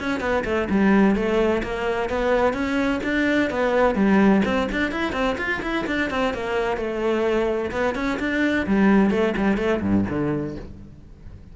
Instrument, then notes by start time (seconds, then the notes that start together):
cello
0.00 C#4
0.20 B3
0.45 A3
0.70 G3
1.15 A3
1.63 A#3
2.10 B3
2.53 C#4
3.03 D4
3.50 B3
3.95 G3
4.45 C4
4.72 D4
4.92 E4
5.13 C4
5.38 F4
5.62 E4
5.87 D4
6.10 C4
6.34 A#3
6.77 A3
7.72 B3
7.95 C#4
8.19 D4
8.67 G3
9.10 A3
9.37 G3
9.57 A3
9.82 G2
10.09 D3